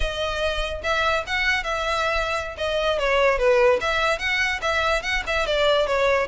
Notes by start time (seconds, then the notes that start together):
0.00 D#5
0.83 E5
1.26 F#5
1.63 E5
2.57 D#5
2.98 C#5
3.38 B4
3.80 E5
4.18 F#5
4.61 E5
5.02 F#5
5.26 E5
5.46 D5
5.86 C#5